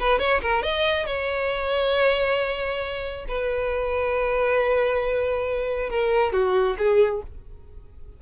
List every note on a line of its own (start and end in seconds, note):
0.00 0.19 B4
0.19 0.41 C#5
0.41 0.63 A#4
0.63 1.06 D#5
1.06 3.25 C#5
3.28 5.90 B4
5.90 6.32 A#4
6.32 6.76 F#4
6.78 7.22 G#4